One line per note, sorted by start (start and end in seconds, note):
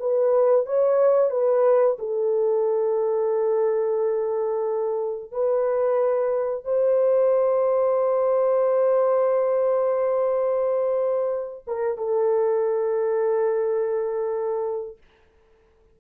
0.00 0.66 B4
0.66 1.31 C#5
1.31 1.98 B4
1.99 5.32 A4
5.32 6.65 B4
6.65 11.65 C5
11.68 11.98 A#4
11.98 14.98 A4